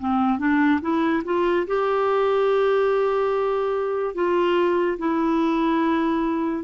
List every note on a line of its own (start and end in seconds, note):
0.00 0.39 C4
0.39 0.81 D4
0.82 1.23 E4
1.25 1.67 F4
1.68 4.15 G4
4.15 4.98 F4
4.99 6.64 E4